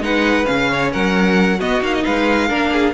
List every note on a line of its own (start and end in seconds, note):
0.00 0.45 G#3
0.00 0.45 D#4
0.00 0.70 B4
0.00 0.46 F#5
0.45 0.94 C#3
0.45 1.57 C#4
0.45 0.91 F5
0.70 0.92 C#5
0.92 1.61 F#3
0.92 1.59 A#4
0.92 1.60 F#5
1.59 1.82 B3
1.59 1.81 B3
1.59 2.04 F#4
1.59 1.83 D#5
1.81 2.03 A#3
1.81 2.49 D#4
1.81 1.94 F5
1.94 2.05 D#5
2.04 2.50 G#3
2.04 2.48 B4
2.04 2.94 F5
2.48 2.94 A#3
2.48 2.94 D4
2.48 2.70 A#4
2.72 2.94 G#4